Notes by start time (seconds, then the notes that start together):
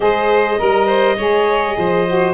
0.00 G#3 G#4 C5 D#5
0.57 G3 A#4
0.86 C5
1.17 G#3 G#4 C#5
1.77 F3 C5
2.07 F#4